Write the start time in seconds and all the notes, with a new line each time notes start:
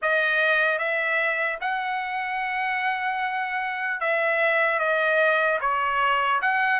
0.02 D#5
0.78 E5
1.60 F#5
4.00 E5
4.79 D#5
5.60 C#5
6.41 F#5